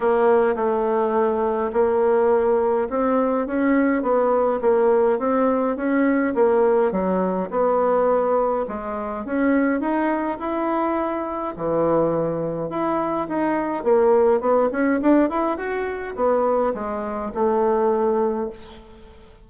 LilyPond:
\new Staff \with { instrumentName = "bassoon" } { \time 4/4 \tempo 4 = 104 ais4 a2 ais4~ | ais4 c'4 cis'4 b4 | ais4 c'4 cis'4 ais4 | fis4 b2 gis4 |
cis'4 dis'4 e'2 | e2 e'4 dis'4 | ais4 b8 cis'8 d'8 e'8 fis'4 | b4 gis4 a2 | }